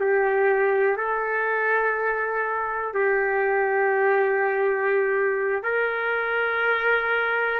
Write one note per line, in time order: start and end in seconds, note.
0.00 0.97 G4
0.97 2.94 A4
2.94 5.63 G4
5.63 7.60 A#4